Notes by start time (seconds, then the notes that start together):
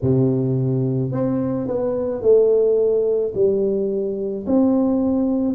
0.02 C3
1.11 C4
1.67 B3
2.21 A3
3.34 G3
4.46 C4